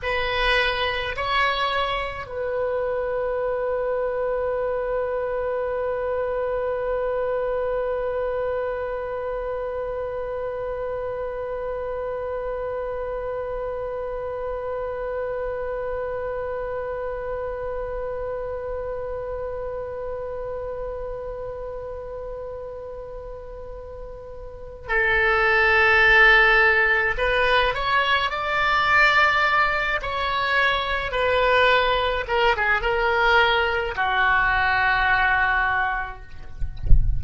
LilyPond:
\new Staff \with { instrumentName = "oboe" } { \time 4/4 \tempo 4 = 53 b'4 cis''4 b'2~ | b'1~ | b'1~ | b'1~ |
b'1~ | b'2 a'2 | b'8 cis''8 d''4. cis''4 b'8~ | b'8 ais'16 gis'16 ais'4 fis'2 | }